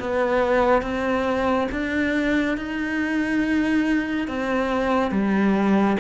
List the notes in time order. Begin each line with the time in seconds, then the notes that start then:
0.00 B3
0.83 C4
1.72 D4
2.58 D#4
4.28 C4
5.12 G3